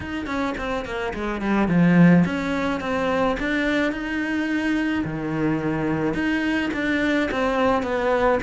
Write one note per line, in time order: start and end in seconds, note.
0.00 0.26 D#4
0.26 0.54 C#4
0.57 0.85 C4
0.85 1.13 A#3
1.13 1.41 G#3
1.41 1.68 G3
1.68 2.24 F3
2.25 2.80 C#4
2.80 3.36 C4
3.39 3.92 D4
3.92 5.04 D#4
5.04 6.14 D#3
6.14 6.70 D#4
6.73 7.29 D4
7.31 7.82 C4
7.82 8.38 B3